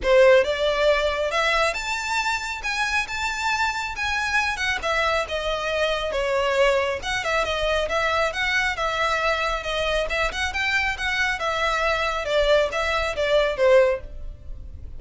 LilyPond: \new Staff \with { instrumentName = "violin" } { \time 4/4 \tempo 4 = 137 c''4 d''2 e''4 | a''2 gis''4 a''4~ | a''4 gis''4. fis''8 e''4 | dis''2 cis''2 |
fis''8 e''8 dis''4 e''4 fis''4 | e''2 dis''4 e''8 fis''8 | g''4 fis''4 e''2 | d''4 e''4 d''4 c''4 | }